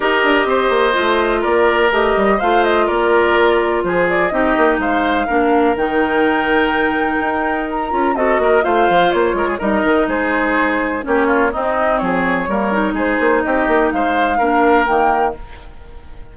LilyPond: <<
  \new Staff \with { instrumentName = "flute" } { \time 4/4 \tempo 4 = 125 dis''2. d''4 | dis''4 f''8 dis''8 d''2 | c''8 d''8 dis''4 f''2 | g''1 |
ais''4 dis''4 f''4 cis''4 | dis''4 c''2 cis''4 | dis''4 cis''2 c''4 | dis''4 f''2 g''4 | }
  \new Staff \with { instrumentName = "oboe" } { \time 4/4 ais'4 c''2 ais'4~ | ais'4 c''4 ais'2 | gis'4 g'4 c''4 ais'4~ | ais'1~ |
ais'4 a'8 ais'8 c''4. ais'16 gis'16 | ais'4 gis'2 g'8 f'8 | dis'4 gis'4 ais'4 gis'4 | g'4 c''4 ais'2 | }
  \new Staff \with { instrumentName = "clarinet" } { \time 4/4 g'2 f'2 | g'4 f'2.~ | f'4 dis'2 d'4 | dis'1~ |
dis'8 f'8 fis'4 f'2 | dis'2. cis'4 | c'2 ais8 dis'4.~ | dis'2 d'4 ais4 | }
  \new Staff \with { instrumentName = "bassoon" } { \time 4/4 dis'8 d'8 c'8 ais8 a4 ais4 | a8 g8 a4 ais2 | f4 c'8 ais8 gis4 ais4 | dis2. dis'4~ |
dis'8 cis'8 c'8 ais8 a8 f8 ais8 gis8 | g8 dis8 gis2 ais4 | c'4 f4 g4 gis8 ais8 | c'8 ais8 gis4 ais4 dis4 | }
>>